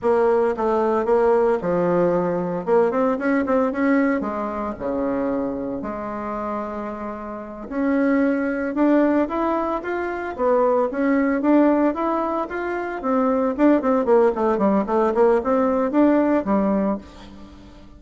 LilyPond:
\new Staff \with { instrumentName = "bassoon" } { \time 4/4 \tempo 4 = 113 ais4 a4 ais4 f4~ | f4 ais8 c'8 cis'8 c'8 cis'4 | gis4 cis2 gis4~ | gis2~ gis8 cis'4.~ |
cis'8 d'4 e'4 f'4 b8~ | b8 cis'4 d'4 e'4 f'8~ | f'8 c'4 d'8 c'8 ais8 a8 g8 | a8 ais8 c'4 d'4 g4 | }